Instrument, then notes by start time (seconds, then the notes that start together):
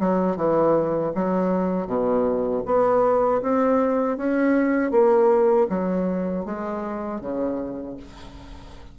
bassoon
0.00 F#3
0.37 E3
1.15 F#3
1.87 B2
2.66 B3
3.42 C4
4.18 C#4
4.92 A#3
5.69 F#3
6.45 G#3
7.21 C#3